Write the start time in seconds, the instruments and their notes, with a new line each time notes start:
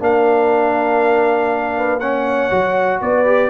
0.00 tuba A#3, trombone D4, horn A#4, trumpet F5
1.77 horn B4
2.00 trombone C#4, horn C#5, trumpet F#5
2.51 tuba F#3, trombone F#4
3.01 tuba B3, horn B4, trumpet D5
3.25 trombone G4